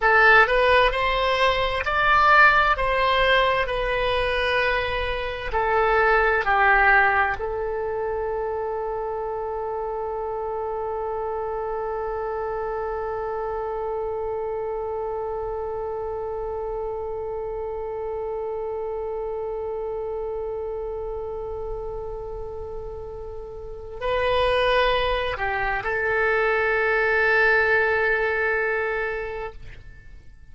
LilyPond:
\new Staff \with { instrumentName = "oboe" } { \time 4/4 \tempo 4 = 65 a'8 b'8 c''4 d''4 c''4 | b'2 a'4 g'4 | a'1~ | a'1~ |
a'1~ | a'1~ | a'2 b'4. g'8 | a'1 | }